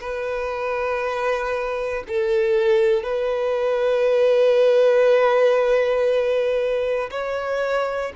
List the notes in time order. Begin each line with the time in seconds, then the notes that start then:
0.00 B4
2.08 A4
3.03 B4
7.11 C#5